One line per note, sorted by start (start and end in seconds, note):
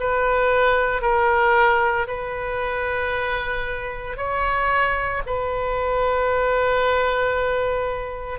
0.00 1.02 B4
1.02 2.07 A#4
2.08 4.17 B4
4.17 5.22 C#5
5.26 8.40 B4